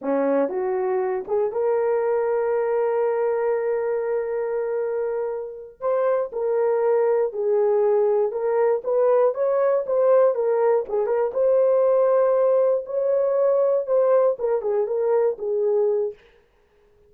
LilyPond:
\new Staff \with { instrumentName = "horn" } { \time 4/4 \tempo 4 = 119 cis'4 fis'4. gis'8 ais'4~ | ais'1~ | ais'2.~ ais'8 c''8~ | c''8 ais'2 gis'4.~ |
gis'8 ais'4 b'4 cis''4 c''8~ | c''8 ais'4 gis'8 ais'8 c''4.~ | c''4. cis''2 c''8~ | c''8 ais'8 gis'8 ais'4 gis'4. | }